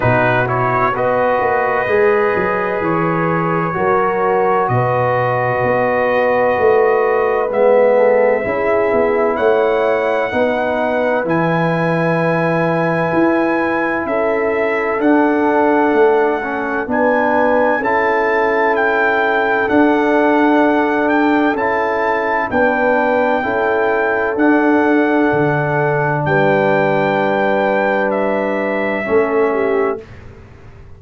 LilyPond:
<<
  \new Staff \with { instrumentName = "trumpet" } { \time 4/4 \tempo 4 = 64 b'8 cis''8 dis''2 cis''4~ | cis''4 dis''2. | e''2 fis''2 | gis''2. e''4 |
fis''2 gis''4 a''4 | g''4 fis''4. g''8 a''4 | g''2 fis''2 | g''2 e''2 | }
  \new Staff \with { instrumentName = "horn" } { \time 4/4 fis'4 b'2. | ais'4 b'2.~ | b'8 a'8 gis'4 cis''4 b'4~ | b'2. a'4~ |
a'2 b'4 a'4~ | a'1 | b'4 a'2. | b'2. a'8 g'8 | }
  \new Staff \with { instrumentName = "trombone" } { \time 4/4 dis'8 e'8 fis'4 gis'2 | fis'1 | b4 e'2 dis'4 | e'1 |
d'4. cis'8 d'4 e'4~ | e'4 d'2 e'4 | d'4 e'4 d'2~ | d'2. cis'4 | }
  \new Staff \with { instrumentName = "tuba" } { \time 4/4 b,4 b8 ais8 gis8 fis8 e4 | fis4 b,4 b4 a4 | gis4 cis'8 b8 a4 b4 | e2 e'4 cis'4 |
d'4 a4 b4 cis'4~ | cis'4 d'2 cis'4 | b4 cis'4 d'4 d4 | g2. a4 | }
>>